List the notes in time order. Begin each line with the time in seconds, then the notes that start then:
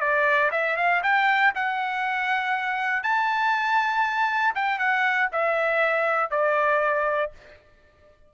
0.00 D5
0.51 E5
0.77 F5
1.03 G5
1.55 F#5
3.03 A5
4.55 G5
4.78 F#5
5.32 E5
6.30 D5